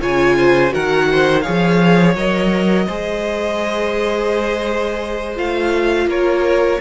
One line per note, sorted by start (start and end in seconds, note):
0.00 0.72 C#3
0.00 0.69 F4
0.00 0.36 C#5
0.00 0.74 G#5
0.37 0.73 C5
0.69 1.46 D#3
0.69 1.41 F#4
0.69 1.09 A#4
0.69 1.40 F#5
1.11 1.42 C5
1.40 2.15 G#4
1.40 2.85 C#5
1.40 2.12 F5
1.48 2.16 F3
2.16 2.87 F#3
2.16 2.88 A#4
2.16 5.37 D#5
2.86 5.38 G#3
2.86 5.36 G#4
2.86 6.07 C5
5.36 6.06 A3
5.36 6.78 F4
5.36 6.09 F5
6.06 6.77 A#3
6.06 6.80 A#4
6.06 6.80 C#5